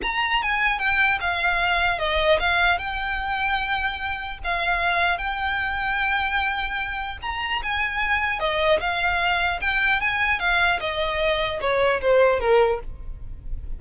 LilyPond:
\new Staff \with { instrumentName = "violin" } { \time 4/4 \tempo 4 = 150 ais''4 gis''4 g''4 f''4~ | f''4 dis''4 f''4 g''4~ | g''2. f''4~ | f''4 g''2.~ |
g''2 ais''4 gis''4~ | gis''4 dis''4 f''2 | g''4 gis''4 f''4 dis''4~ | dis''4 cis''4 c''4 ais'4 | }